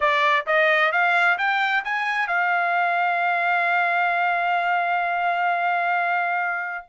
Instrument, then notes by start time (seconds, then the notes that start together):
trumpet
0.00 D5
0.46 D#5
0.92 F5
1.38 G5
1.84 G#5
2.27 F5